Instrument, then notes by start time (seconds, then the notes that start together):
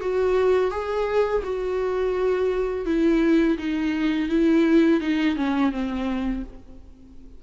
viola
0.00 F#4
0.71 G#4
1.43 F#4
2.86 E4
3.57 D#4
4.29 E4
5.00 D#4
5.36 C#4
5.71 C4